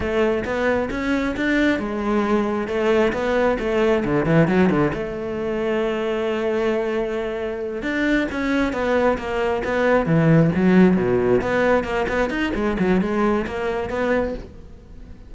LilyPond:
\new Staff \with { instrumentName = "cello" } { \time 4/4 \tempo 4 = 134 a4 b4 cis'4 d'4 | gis2 a4 b4 | a4 d8 e8 fis8 d8 a4~ | a1~ |
a4. d'4 cis'4 b8~ | b8 ais4 b4 e4 fis8~ | fis8 b,4 b4 ais8 b8 dis'8 | gis8 fis8 gis4 ais4 b4 | }